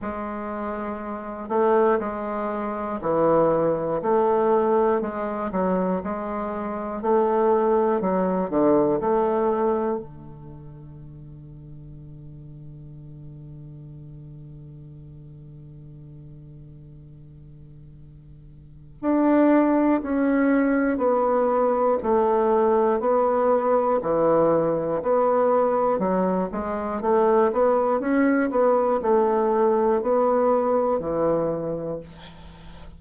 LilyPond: \new Staff \with { instrumentName = "bassoon" } { \time 4/4 \tempo 4 = 60 gis4. a8 gis4 e4 | a4 gis8 fis8 gis4 a4 | fis8 d8 a4 d2~ | d1~ |
d2. d'4 | cis'4 b4 a4 b4 | e4 b4 fis8 gis8 a8 b8 | cis'8 b8 a4 b4 e4 | }